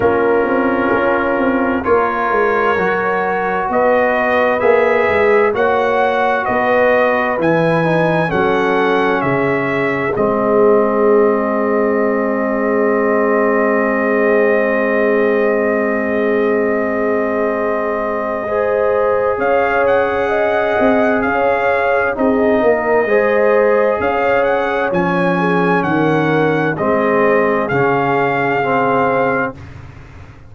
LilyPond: <<
  \new Staff \with { instrumentName = "trumpet" } { \time 4/4 \tempo 4 = 65 ais'2 cis''2 | dis''4 e''4 fis''4 dis''4 | gis''4 fis''4 e''4 dis''4~ | dis''1~ |
dis''1~ | dis''4 f''8 fis''4. f''4 | dis''2 f''8 fis''8 gis''4 | fis''4 dis''4 f''2 | }
  \new Staff \with { instrumentName = "horn" } { \time 4/4 f'2 ais'2 | b'2 cis''4 b'4~ | b'4 a'4 gis'2~ | gis'1~ |
gis'1 | c''4 cis''4 dis''4 cis''4 | gis'8 ais'8 c''4 cis''4. gis'8 | ais'4 gis'2. | }
  \new Staff \with { instrumentName = "trombone" } { \time 4/4 cis'2 f'4 fis'4~ | fis'4 gis'4 fis'2 | e'8 dis'8 cis'2 c'4~ | c'1~ |
c'1 | gis'1 | dis'4 gis'2 cis'4~ | cis'4 c'4 cis'4 c'4 | }
  \new Staff \with { instrumentName = "tuba" } { \time 4/4 ais8 c'8 cis'8 c'8 ais8 gis8 fis4 | b4 ais8 gis8 ais4 b4 | e4 fis4 cis4 gis4~ | gis1~ |
gis1~ | gis4 cis'4. c'8 cis'4 | c'8 ais8 gis4 cis'4 f4 | dis4 gis4 cis2 | }
>>